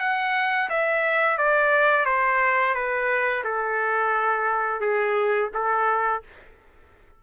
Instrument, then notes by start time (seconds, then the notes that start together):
trumpet
0.00 F#5
0.70 E5
1.38 D5
2.06 C5
2.75 B4
3.44 A4
4.81 G#4
5.54 A4